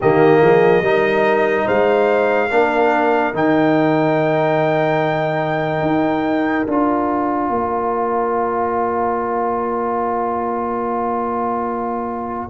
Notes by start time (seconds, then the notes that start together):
0.00 D#3 A#3 G4 D#5
0.41 F3 G#4
0.81 G3 D#4 A#4
1.65 G#3 C5 F5
2.50 A#3 D4 A#4
3.33 D#3 D#4 G5
5.81 D#4
6.66 D4 F4 A#5
7.49 A#3 D5